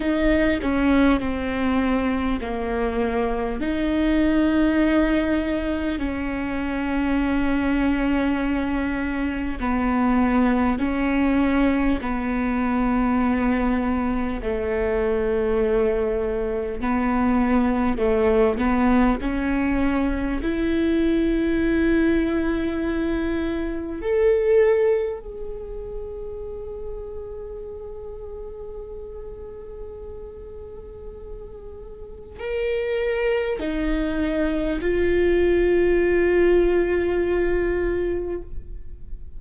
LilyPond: \new Staff \with { instrumentName = "viola" } { \time 4/4 \tempo 4 = 50 dis'8 cis'8 c'4 ais4 dis'4~ | dis'4 cis'2. | b4 cis'4 b2 | a2 b4 a8 b8 |
cis'4 e'2. | a'4 gis'2.~ | gis'2. ais'4 | dis'4 f'2. | }